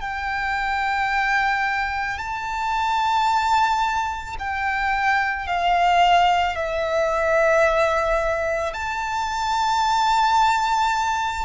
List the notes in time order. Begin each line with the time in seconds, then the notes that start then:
0.00 G5
2.18 A5
4.39 G5
5.46 F5
6.55 E5
8.73 A5